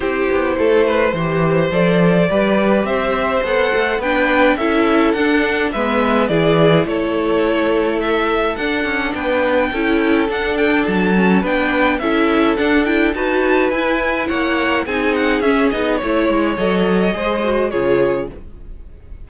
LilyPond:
<<
  \new Staff \with { instrumentName = "violin" } { \time 4/4 \tempo 4 = 105 c''2. d''4~ | d''4 e''4 fis''4 g''4 | e''4 fis''4 e''4 d''4 | cis''2 e''4 fis''4 |
g''2 fis''8 g''8 a''4 | g''4 e''4 fis''8 g''8 a''4 | gis''4 fis''4 gis''8 fis''8 e''8 dis''8 | cis''4 dis''2 cis''4 | }
  \new Staff \with { instrumentName = "violin" } { \time 4/4 g'4 a'8 b'8 c''2 | b'4 c''2 b'4 | a'2 b'4 gis'4 | a'1 |
b'4 a'2. | b'4 a'2 b'4~ | b'4 cis''4 gis'2 | cis''2 c''4 gis'4 | }
  \new Staff \with { instrumentName = "viola" } { \time 4/4 e'2 g'4 a'4 | g'2 a'4 d'4 | e'4 d'4 b4 e'4~ | e'2. d'4~ |
d'4 e'4 d'4. cis'8 | d'4 e'4 d'8 e'8 fis'4 | e'2 dis'4 cis'8 dis'8 | e'4 a'4 gis'8 fis'8 f'4 | }
  \new Staff \with { instrumentName = "cello" } { \time 4/4 c'8 b8 a4 e4 f4 | g4 c'4 b8 a8 b4 | cis'4 d'4 gis4 e4 | a2. d'8 cis'8 |
b4 cis'4 d'4 fis4 | b4 cis'4 d'4 dis'4 | e'4 ais4 c'4 cis'8 b8 | a8 gis8 fis4 gis4 cis4 | }
>>